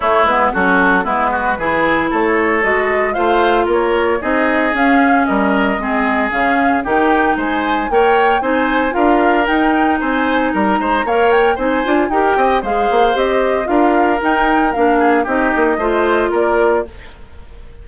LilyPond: <<
  \new Staff \with { instrumentName = "flute" } { \time 4/4 \tempo 4 = 114 cis''8 b'8 a'4 b'2 | cis''4 dis''4 f''4 cis''4 | dis''4 f''4 dis''2 | f''4 g''4 gis''4 g''4 |
gis''4 f''4 g''4 gis''4 | ais''4 f''8 g''8 gis''4 g''4 | f''4 dis''4 f''4 g''4 | f''4 dis''2 d''4 | }
  \new Staff \with { instrumentName = "oboe" } { \time 4/4 e'4 fis'4 e'8 fis'8 gis'4 | a'2 c''4 ais'4 | gis'2 ais'4 gis'4~ | gis'4 g'4 c''4 cis''4 |
c''4 ais'2 c''4 | ais'8 c''8 cis''4 c''4 ais'8 dis''8 | c''2 ais'2~ | ais'8 gis'8 g'4 c''4 ais'4 | }
  \new Staff \with { instrumentName = "clarinet" } { \time 4/4 a8 b8 cis'4 b4 e'4~ | e'4 fis'4 f'2 | dis'4 cis'2 c'4 | cis'4 dis'2 ais'4 |
dis'4 f'4 dis'2~ | dis'4 ais'4 dis'8 f'8 g'4 | gis'4 g'4 f'4 dis'4 | d'4 dis'4 f'2 | }
  \new Staff \with { instrumentName = "bassoon" } { \time 4/4 a8 gis8 fis4 gis4 e4 | a4 gis4 a4 ais4 | c'4 cis'4 g4 gis4 | cis4 dis4 gis4 ais4 |
c'4 d'4 dis'4 c'4 | g8 gis8 ais4 c'8 d'8 dis'8 c'8 | gis8 ais8 c'4 d'4 dis'4 | ais4 c'8 ais8 a4 ais4 | }
>>